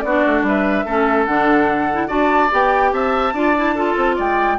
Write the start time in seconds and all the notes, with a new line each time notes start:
0.00 B3 F#4 D5
0.06 D4
0.26 A3
0.42 G3 B4 E5
0.85 A3 C#4 A4
1.25 D3 D4 F#5
1.92 E4
2.07 D4 F#4 D5 A5
2.50 B3 G4 G5
2.92 C4 E5 A5
3.33 D4 F4 D5
3.56 E4
3.74 F4 A4
3.97 C4
4.15 G#3 D5 G5